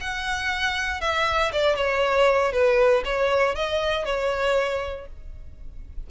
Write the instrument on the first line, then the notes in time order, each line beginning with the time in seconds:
violin
0.00 F#5
1.01 E5
1.52 D5
1.76 C#5
2.52 B4
3.04 C#5
3.55 D#5
4.05 C#5